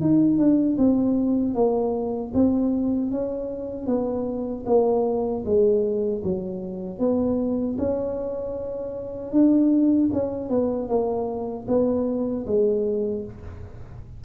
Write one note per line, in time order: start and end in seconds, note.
0.00 0.38 D#4
0.38 0.77 D4
0.77 1.54 C4
1.54 2.32 A#3
2.34 3.11 C4
3.11 3.86 C#4
3.86 4.64 B3
4.66 5.44 A#3
5.45 6.23 G#3
6.23 6.98 F#3
6.98 7.76 B3
7.78 9.32 C#4
9.32 10.10 D4
10.13 10.49 C#4
10.49 10.88 B3
10.88 11.66 A#3
11.67 12.45 B3
12.46 13.24 G#3